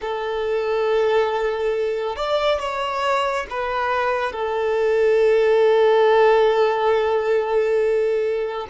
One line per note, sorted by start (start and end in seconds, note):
0.01 2.15 A4
2.15 2.59 D5
2.59 3.46 C#5
3.50 4.32 B4
4.32 8.67 A4